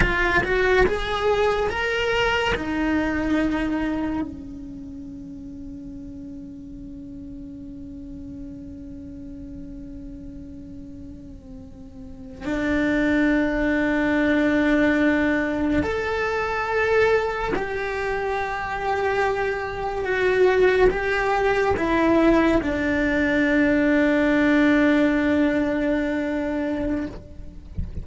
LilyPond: \new Staff \with { instrumentName = "cello" } { \time 4/4 \tempo 4 = 71 f'8 fis'8 gis'4 ais'4 dis'4~ | dis'4 cis'2.~ | cis'1~ | cis'2~ cis'8. d'4~ d'16~ |
d'2~ d'8. a'4~ a'16~ | a'8. g'2. fis'16~ | fis'8. g'4 e'4 d'4~ d'16~ | d'1 | }